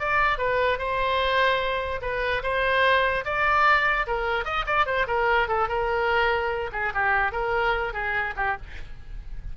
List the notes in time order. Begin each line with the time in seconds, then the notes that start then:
0.00 D5
0.38 B4
0.78 C5
2.02 B4
2.43 C5
3.25 D5
4.07 A#4
4.45 D#5
4.67 D5
4.86 C5
5.07 A#4
5.48 A4
5.68 A#4
6.73 G#4
6.94 G4
7.32 A#4
7.94 G#4
8.37 G4